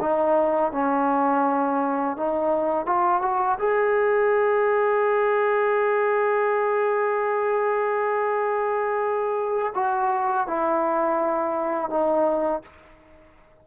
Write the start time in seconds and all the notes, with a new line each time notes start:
0.00 D#4
0.72 C#4
2.17 D#4
2.86 F4
3.22 F#4
3.58 G#4
9.75 F#4
10.47 E4
11.89 D#4